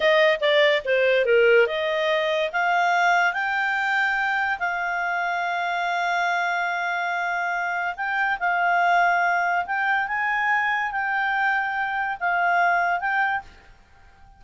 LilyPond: \new Staff \with { instrumentName = "clarinet" } { \time 4/4 \tempo 4 = 143 dis''4 d''4 c''4 ais'4 | dis''2 f''2 | g''2. f''4~ | f''1~ |
f''2. g''4 | f''2. g''4 | gis''2 g''2~ | g''4 f''2 g''4 | }